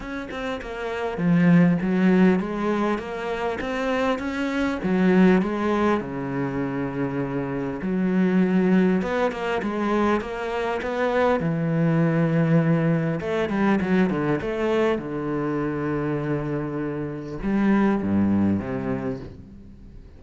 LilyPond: \new Staff \with { instrumentName = "cello" } { \time 4/4 \tempo 4 = 100 cis'8 c'8 ais4 f4 fis4 | gis4 ais4 c'4 cis'4 | fis4 gis4 cis2~ | cis4 fis2 b8 ais8 |
gis4 ais4 b4 e4~ | e2 a8 g8 fis8 d8 | a4 d2.~ | d4 g4 g,4 c4 | }